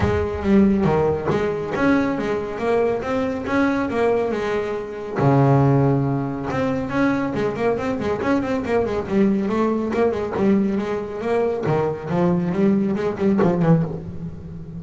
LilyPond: \new Staff \with { instrumentName = "double bass" } { \time 4/4 \tempo 4 = 139 gis4 g4 dis4 gis4 | cis'4 gis4 ais4 c'4 | cis'4 ais4 gis2 | cis2. c'4 |
cis'4 gis8 ais8 c'8 gis8 cis'8 c'8 | ais8 gis8 g4 a4 ais8 gis8 | g4 gis4 ais4 dis4 | f4 g4 gis8 g8 f8 e8 | }